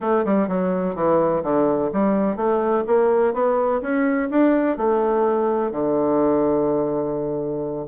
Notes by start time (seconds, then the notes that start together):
0.00 A3
0.24 G3
0.48 F#3
0.95 E3
1.43 D3
1.92 G3
2.36 A3
2.87 A#3
3.33 B3
3.81 C#4
4.30 D4
4.77 A3
5.71 D3